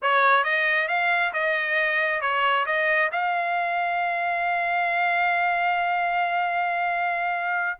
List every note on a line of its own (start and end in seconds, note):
0.02 0.44 C#5
0.44 0.88 D#5
0.88 1.32 F5
1.33 2.21 D#5
2.21 2.65 C#5
2.65 3.10 D#5
3.12 7.78 F5